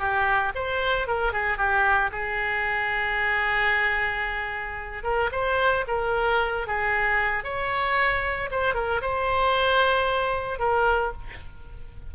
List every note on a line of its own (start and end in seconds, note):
0.00 0.53 G4
0.56 1.08 C5
1.08 1.33 A#4
1.33 1.58 G#4
1.58 2.11 G4
2.12 5.04 G#4
5.04 5.30 A#4
5.32 5.85 C5
5.88 6.68 A#4
6.68 7.44 G#4
7.44 8.50 C#5
8.51 8.75 C5
8.75 9.01 A#4
9.02 10.60 C5
10.60 11.13 A#4